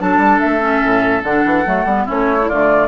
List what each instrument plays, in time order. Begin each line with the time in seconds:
0.00 bassoon F#3, clarinet D4, oboe A4, flute A5
0.18 bassoon G3
0.40 bassoon A3, flute E5
0.60 clarinet C#4
0.83 bassoon A2
1.24 bassoon D3, clarinet D4, flute F#5
1.45 bassoon E3
1.66 bassoon F#3, clarinet A3
1.85 bassoon G3, clarinet B3
2.05 bassoon A3, clarinet C#4, oboe E4, flute C#5
2.41 clarinet E4
2.48 bassoon D3, clarinet A3, oboe F4, flute D5